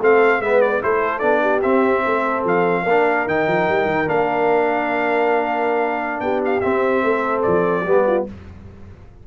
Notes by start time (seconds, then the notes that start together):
0.00 A3 C4 A4 F5
0.40 G#3 B3 B4 E5
0.61 D5
0.82 A3 E4 A4 C5
1.19 B3 D4 D5
1.42 G4
1.62 C4 E5
2.05 A3 A4
2.44 F3 F5
2.83 A#3 A#4
2.90 D4
3.26 D#3 D#4 G5
3.47 F3
3.69 G3
3.86 D#3
4.07 A#3 D4 F5
6.20 B3 G4 G5
6.45 F5
6.61 C4 E5
7.04 A3 A4
7.42 F3 D5
7.84 G3 B3 G4
8.07 F4